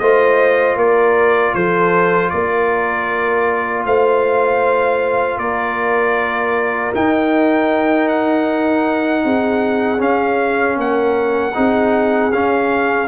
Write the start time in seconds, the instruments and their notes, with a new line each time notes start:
0.00 tuba A3, trombone F4, horn C5, trumpet D#5
0.77 tuba A#3, horn A#4, trumpet D5
1.55 tuba F3, horn A4, trumpet C5
2.30 tuba A#3, horn A#4, trumpet D5
3.85 tuba A3, horn C5, trumpet F5
5.38 tuba A#3, horn A#4, trumpet D5
6.95 trombone D#4, tuba D#4, trumpet G5
8.09 trumpet F#5
9.25 tuba C4, horn G#4
9.99 trombone C#4, tuba C#4, trumpet F5
10.77 tuba A#3, horn A#4, trumpet F#5
11.55 tuba C4, trombone D#4, horn G#4
12.33 tuba C#4, trombone C#4, trumpet F5